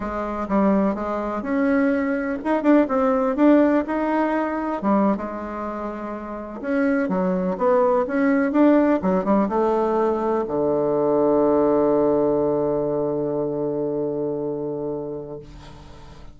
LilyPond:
\new Staff \with { instrumentName = "bassoon" } { \time 4/4 \tempo 4 = 125 gis4 g4 gis4 cis'4~ | cis'4 dis'8 d'8 c'4 d'4 | dis'2 g8. gis4~ gis16~ | gis4.~ gis16 cis'4 fis4 b16~ |
b8. cis'4 d'4 fis8 g8 a16~ | a4.~ a16 d2~ d16~ | d1~ | d1 | }